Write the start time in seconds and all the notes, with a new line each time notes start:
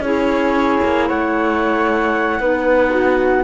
0.00 C#4 E4 G#4 C#5
0.84 A#3
1.08 A3 C#5 F#5
2.40 B3 D#4 B4
2.90 F#4